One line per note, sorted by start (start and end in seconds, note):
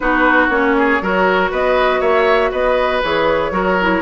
0.00 0.49 B3
0.00 0.50 D#4
0.00 0.76 F#4
0.00 0.48 B4
0.49 0.99 A#3
0.49 1.00 C#4
0.49 1.51 C#5
0.77 1.02 G#4
1.01 1.51 F#3
1.01 3.03 F#4
1.01 1.50 A#4
1.50 2.01 B3
1.50 2.00 B4
1.50 2.00 D#5
2.00 2.51 A#3
2.00 2.50 C#5
2.00 2.51 E5
2.51 3.02 B3
2.51 3.52 B4
2.51 3.02 D#5
3.03 3.51 E3
3.03 3.51 G#4
3.03 4.02 C#5
3.51 4.01 F#3
3.51 3.77 F#4
3.51 4.02 A#4
3.81 4.02 E4